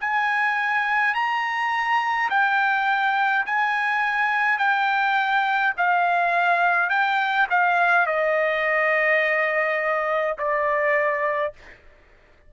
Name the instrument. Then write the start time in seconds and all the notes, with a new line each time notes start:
trumpet
0.00 G#5
1.14 A#5
2.30 G5
3.46 G#5
4.58 G5
5.77 F5
6.89 G5
7.49 F5
8.06 D#5
10.37 D5